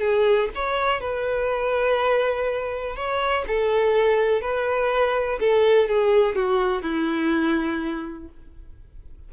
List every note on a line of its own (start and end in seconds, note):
0.00 0.49 G#4
0.55 1.01 C#5
1.01 2.96 B4
2.96 3.45 C#5
3.47 4.41 A4
4.41 5.39 B4
5.40 5.88 A4
5.88 6.35 G#4
6.35 6.82 F#4
6.82 8.29 E4